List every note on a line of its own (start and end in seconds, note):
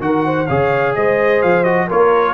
0.00 0.47 D#3
0.00 0.47 F#4
0.00 0.26 A#4
0.00 0.46 F#5
0.26 0.48 C5
0.46 0.96 C#3
0.46 1.64 G#4
0.46 0.95 C#5
0.46 0.93 F5
0.95 1.43 G#3
0.95 1.87 C5
0.95 1.42 D#5
1.42 1.90 F3
1.42 1.64 F5
1.64 1.88 F#4
1.64 1.87 D#5
1.87 2.34 A#3
1.87 2.34 F4
1.87 2.34 A#4
1.87 2.34 C#5